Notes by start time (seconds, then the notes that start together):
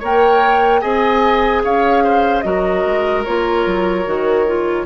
0.00 A#3 A#4 C#5 G5
0.81 C4 G#4 D#5 G#5
1.64 C#4 C#5 F5
2.04 C5
2.42 F#3 F#4 A#4 D#5
2.86 G#3
3.25 A#3 F4 C#5
3.66 F#3
4.06 D#3 F#4
4.47 F4